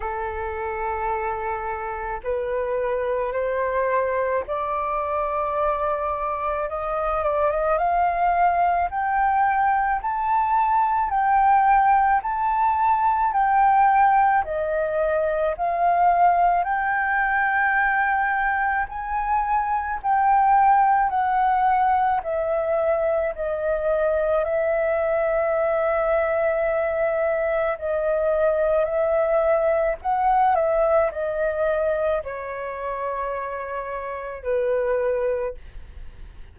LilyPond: \new Staff \with { instrumentName = "flute" } { \time 4/4 \tempo 4 = 54 a'2 b'4 c''4 | d''2 dis''8 d''16 dis''16 f''4 | g''4 a''4 g''4 a''4 | g''4 dis''4 f''4 g''4~ |
g''4 gis''4 g''4 fis''4 | e''4 dis''4 e''2~ | e''4 dis''4 e''4 fis''8 e''8 | dis''4 cis''2 b'4 | }